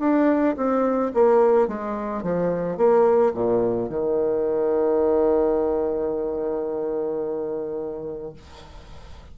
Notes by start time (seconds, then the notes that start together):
0.00 D4
0.57 C4
1.14 A#3
1.68 G#3
2.23 F3
2.77 A#3
3.34 A#2
3.89 D#3